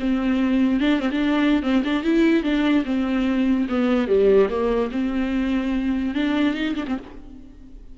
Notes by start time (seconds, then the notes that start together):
0.00 C4
0.80 D4
1.00 C4
1.11 D4
1.63 C4
1.84 D4
2.04 E4
2.43 D4
2.85 C4
3.69 B3
4.08 G3
4.49 A#3
4.92 C4
6.15 D4
6.54 D#4
6.75 D4
6.88 C4